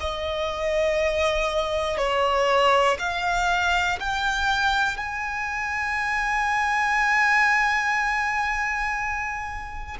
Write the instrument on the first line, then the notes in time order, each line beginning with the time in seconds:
violin
0.00 D#5
1.97 C#5
2.99 F5
3.99 G5
4.97 G#5